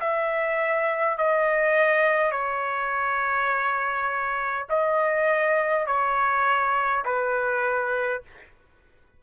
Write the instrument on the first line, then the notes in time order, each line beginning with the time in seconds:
trumpet
0.00 E5
1.18 D#5
2.31 C#5
4.69 D#5
5.87 C#5
7.05 B4